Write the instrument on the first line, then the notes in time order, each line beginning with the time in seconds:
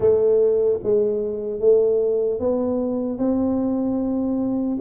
tuba
0.00 A3
0.83 G#3
1.60 A3
2.39 B3
3.18 C4